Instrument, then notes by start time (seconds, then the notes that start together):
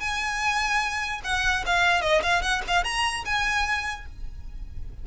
violin
0.00 G#5
1.24 F#5
1.66 F5
2.02 D#5
2.23 F5
2.42 F#5
2.67 F5
2.84 A#5
3.25 G#5